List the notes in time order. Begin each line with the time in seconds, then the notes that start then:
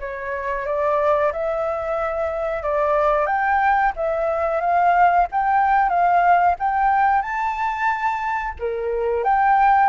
0.00 C#5
0.66 D5
1.33 E5
2.63 D5
3.27 G5
3.97 E5
4.61 F5
5.32 G5
5.90 F5
6.60 G5
7.22 A5
8.60 A#4
9.25 G5